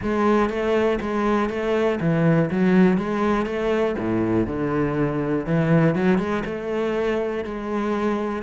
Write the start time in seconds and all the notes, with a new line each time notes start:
0.02 G#3
0.49 A3
1.01 G#3
1.49 A3
2.00 E3
2.50 F#3
2.97 G#3
3.46 A3
3.98 A2
4.47 D3
5.45 E3
5.95 F#3
6.18 G#3
6.45 A3
7.44 G#3